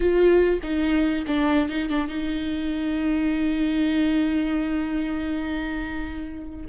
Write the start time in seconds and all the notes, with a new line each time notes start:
0.00 F4
0.62 D#4
1.27 D4
1.69 D#4
1.89 D4
2.07 D#4